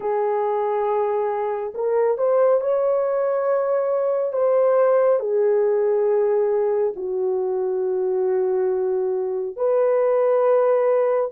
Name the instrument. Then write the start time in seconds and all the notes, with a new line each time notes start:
horn
0.00 G#4
1.74 A#4
2.17 C5
2.60 C#5
4.32 C5
5.19 G#4
6.96 F#4
9.56 B4